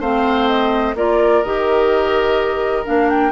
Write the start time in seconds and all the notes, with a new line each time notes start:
0.00 A3 C4 C5 F5
0.48 D#5
0.95 A#3 F4 A#4 D5
1.43 D#3 G4 D#5
2.85 A#3 D4 F5
3.10 G5